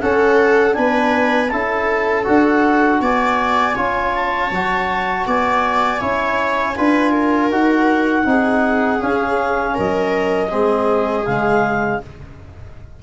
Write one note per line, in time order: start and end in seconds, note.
0.00 0.72 C#4
0.00 0.77 C#4
0.00 0.77 A4
0.00 0.74 F#5
0.72 1.51 B3
0.72 1.47 D4
0.72 1.51 B4
0.72 1.49 G#5
1.49 2.26 C#4
1.49 2.24 E4
1.49 3.01 A4
1.49 2.24 A5
2.24 3.00 D4
2.24 3.74 F#4
2.24 3.01 F#5
3.00 3.75 B3
3.00 3.75 D5
3.00 4.14 G#5
3.75 4.50 C#4
3.75 4.51 F4
3.75 5.25 C#5
4.14 5.27 A5
4.51 5.26 F#3
4.51 6.00 F#4
5.26 6.01 B3
5.26 6.01 D5
5.26 7.52 G#5
6.00 6.77 C#4
6.00 6.75 E4
6.00 6.76 C#5
6.77 7.50 D4
6.77 7.51 F4
6.77 7.11 B4
7.11 8.24 A#4
7.50 8.25 D#4
7.50 8.25 F#4
7.50 9.01 F#5
8.25 9.00 C4
8.25 8.99 D#4
8.25 9.74 G#4
8.99 10.49 C#4
8.99 9.78 C#4
8.99 9.76 F5
9.74 10.52 F#3
9.74 10.49 A#4
9.74 11.25 D#5
10.49 11.27 G#3
10.49 11.24 C4
10.49 12.00 G#4
11.25 12.02 C#3
11.25 12.02 G#3
11.25 12.00 F5